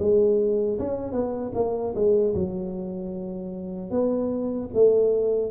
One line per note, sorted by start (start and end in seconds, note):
0.00 0.79 G#3
0.79 1.13 C#4
1.13 1.52 B3
1.55 1.94 A#3
1.95 2.35 G#3
2.35 3.91 F#3
3.91 4.70 B3
4.74 5.51 A3